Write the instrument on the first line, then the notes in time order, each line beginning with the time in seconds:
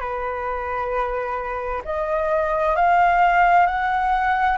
flute
0.00 B4
1.85 D#5
2.76 F5
3.66 F#5